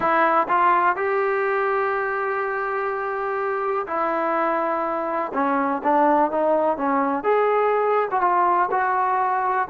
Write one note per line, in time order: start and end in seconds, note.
0.00 0.47 E4
0.48 0.96 F4
0.96 3.86 G4
3.86 5.32 E4
5.33 5.82 C#4
5.83 6.31 D4
6.31 6.77 D#4
6.77 7.23 C#4
7.23 8.08 G#4
8.11 8.21 F#4
8.21 8.69 F4
8.71 9.68 F#4